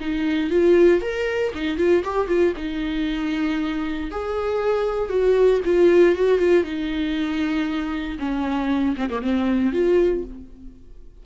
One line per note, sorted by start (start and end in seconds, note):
0.00 0.50 D#4
0.50 1.01 F4
1.01 1.52 A#4
1.54 1.77 D#4
1.77 2.03 F4
2.04 2.28 G4
2.28 2.53 F4
2.56 4.10 D#4
4.11 5.09 G#4
5.09 5.61 F#4
5.65 6.15 F4
6.15 6.38 F#4
6.38 6.64 F4
6.64 8.18 D#4
8.19 8.96 C#4
8.96 9.09 C4
9.10 9.22 A#3
9.22 9.72 C4
9.72 10.24 F4